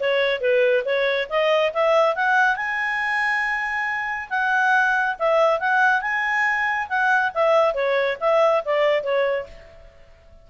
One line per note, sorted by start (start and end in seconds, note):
0.00 0.41 C#5
0.41 0.84 B4
0.85 1.28 C#5
1.29 1.73 D#5
1.73 2.16 E5
2.16 2.56 F#5
2.56 4.29 G#5
4.30 5.16 F#5
5.19 5.60 E5
5.60 6.02 F#5
6.02 6.88 G#5
6.89 7.32 F#5
7.34 7.74 E5
7.74 8.18 C#5
8.20 8.64 E5
8.65 9.04 D5
9.04 9.47 C#5